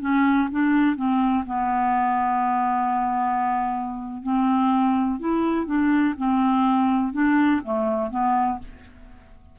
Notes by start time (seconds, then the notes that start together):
0.00 C#4
0.51 D4
0.96 C4
1.46 B3
4.23 C4
5.19 E4
5.66 D4
6.17 C4
7.13 D4
7.63 A3
8.10 B3